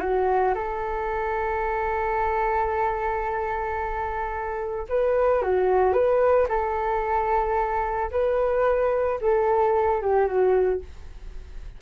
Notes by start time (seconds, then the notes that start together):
0.00 F#4
0.55 A4
4.89 B4
5.42 F#4
5.93 B4
6.48 A4
8.11 B4
9.21 A4
10.01 G4
10.27 F#4